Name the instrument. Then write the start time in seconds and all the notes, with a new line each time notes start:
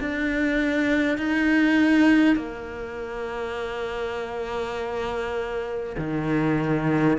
cello
0.00 D4
1.17 D#4
2.36 A#3
5.97 D#3